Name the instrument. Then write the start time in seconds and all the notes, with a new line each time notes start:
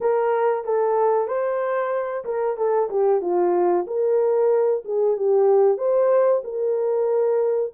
horn
0.01 A#4
0.64 A4
1.27 C5
2.24 A#4
2.57 A4
2.89 G4
3.21 F4
3.87 A#4
4.84 G#4
5.16 G4
5.77 C5
6.43 A#4